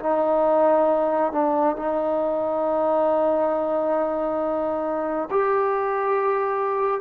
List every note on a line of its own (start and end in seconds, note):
0.00 1.32 D#4
1.32 1.76 D4
1.76 5.29 D#4
5.31 7.01 G4